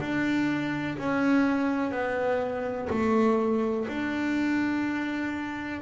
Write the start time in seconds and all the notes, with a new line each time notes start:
0.00 D4
0.97 C#4
1.91 B3
2.89 A3
3.88 D4